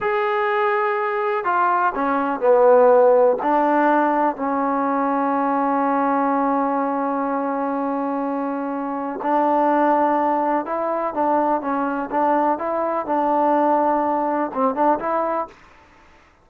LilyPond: \new Staff \with { instrumentName = "trombone" } { \time 4/4 \tempo 4 = 124 gis'2. f'4 | cis'4 b2 d'4~ | d'4 cis'2.~ | cis'1~ |
cis'2. d'4~ | d'2 e'4 d'4 | cis'4 d'4 e'4 d'4~ | d'2 c'8 d'8 e'4 | }